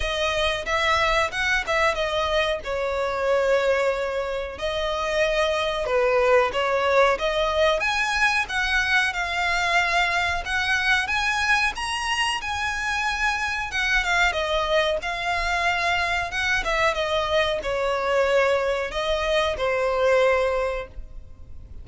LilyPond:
\new Staff \with { instrumentName = "violin" } { \time 4/4 \tempo 4 = 92 dis''4 e''4 fis''8 e''8 dis''4 | cis''2. dis''4~ | dis''4 b'4 cis''4 dis''4 | gis''4 fis''4 f''2 |
fis''4 gis''4 ais''4 gis''4~ | gis''4 fis''8 f''8 dis''4 f''4~ | f''4 fis''8 e''8 dis''4 cis''4~ | cis''4 dis''4 c''2 | }